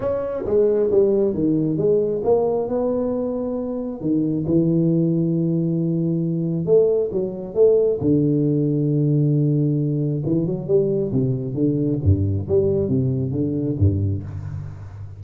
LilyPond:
\new Staff \with { instrumentName = "tuba" } { \time 4/4 \tempo 4 = 135 cis'4 gis4 g4 dis4 | gis4 ais4 b2~ | b4 dis4 e2~ | e2. a4 |
fis4 a4 d2~ | d2. e8 fis8 | g4 c4 d4 g,4 | g4 c4 d4 g,4 | }